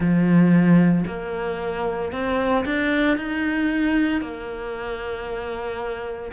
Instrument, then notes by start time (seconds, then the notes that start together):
cello
0.00 F3
1.07 A#3
2.11 C4
2.65 D4
3.17 D#4
4.21 A#3